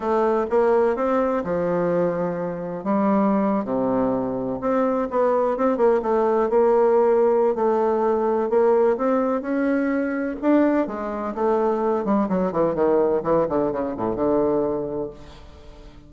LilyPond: \new Staff \with { instrumentName = "bassoon" } { \time 4/4 \tempo 4 = 127 a4 ais4 c'4 f4~ | f2 g4.~ g16 c16~ | c4.~ c16 c'4 b4 c'16~ | c'16 ais8 a4 ais2~ ais16 |
a2 ais4 c'4 | cis'2 d'4 gis4 | a4. g8 fis8 e8 dis4 | e8 d8 cis8 a,8 d2 | }